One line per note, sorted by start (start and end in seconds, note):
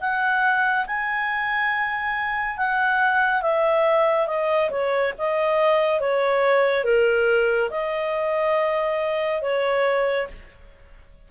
0.00 0.86 F#5
0.86 2.57 G#5
2.57 3.42 F#5
3.42 4.27 E5
4.27 4.70 D#5
4.70 5.13 C#5
5.18 6.00 D#5
6.00 6.84 C#5
6.84 7.70 A#4
7.70 9.42 D#5
9.42 10.27 C#5